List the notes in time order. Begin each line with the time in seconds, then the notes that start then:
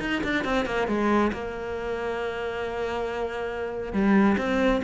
0.00 D#4
0.23 D4
0.45 C4
0.66 A#3
0.88 G#3
1.32 A#3
3.93 G3
4.38 C4